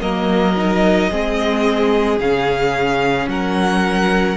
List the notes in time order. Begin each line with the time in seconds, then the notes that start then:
0.00 F#3 A#3 A#4 D#5
0.56 D#4
1.10 G#3 C4 G#4
2.19 C#3 C#4 F5
3.27 F#3 A#4 F#5